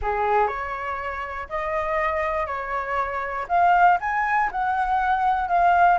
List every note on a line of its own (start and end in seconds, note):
0.02 0.47 G#4
0.47 1.47 C#5
1.49 2.46 D#5
2.46 3.46 C#5
3.48 3.98 F5
4.00 4.50 G#5
4.51 5.48 F#5
5.48 5.98 F5